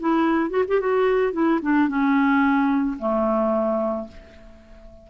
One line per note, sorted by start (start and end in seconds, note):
0.00 0.50 E4
0.50 0.64 F#4
0.68 0.80 G4
0.80 1.33 F#4
1.33 1.60 E4
1.62 1.88 D4
1.88 2.97 C#4
2.99 4.08 A3